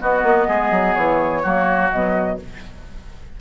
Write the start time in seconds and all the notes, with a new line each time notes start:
0.00 B3 F#4 D#5
0.22 A#3
0.47 G#3 G#4
0.71 F#3
0.94 E3 C#5
1.42 F#3 A#3 F#4
1.91 B2 F#3 D#5